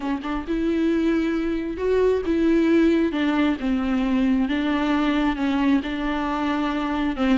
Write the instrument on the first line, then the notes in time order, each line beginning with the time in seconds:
viola
0.00 C#4
0.22 D4
0.47 E4
1.77 F#4
2.25 E4
3.12 D4
3.59 C4
4.48 D4
5.35 C#4
5.83 D4
7.16 C4